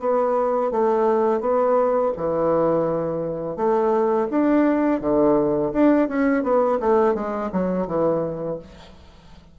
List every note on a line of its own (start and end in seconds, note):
0.00 0.71 B3
0.71 1.41 A3
1.41 2.12 B3
2.17 3.56 E3
3.56 4.28 A3
4.31 5.01 D4
5.01 5.73 D3
5.73 6.08 D4
6.08 6.44 C#4
6.44 6.79 B3
6.80 7.15 A3
7.15 7.51 G#3
7.52 7.87 F#3
7.87 8.58 E3